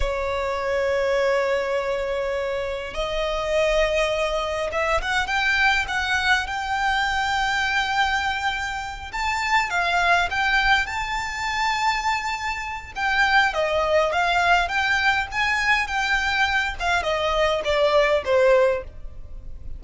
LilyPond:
\new Staff \with { instrumentName = "violin" } { \time 4/4 \tempo 4 = 102 cis''1~ | cis''4 dis''2. | e''8 fis''8 g''4 fis''4 g''4~ | g''2.~ g''8 a''8~ |
a''8 f''4 g''4 a''4.~ | a''2 g''4 dis''4 | f''4 g''4 gis''4 g''4~ | g''8 f''8 dis''4 d''4 c''4 | }